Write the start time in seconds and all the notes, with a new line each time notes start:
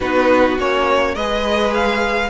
0.00 B3 D#4 F#4 B4
0.58 A#3 C#4 C#5
1.14 G#3 G#4 B4 D#5
1.74 F5